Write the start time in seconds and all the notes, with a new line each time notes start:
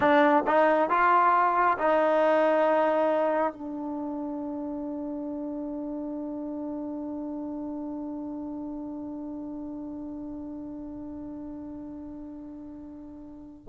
0.00 D4
0.47 D#4
0.89 F4
1.78 D#4
3.52 D4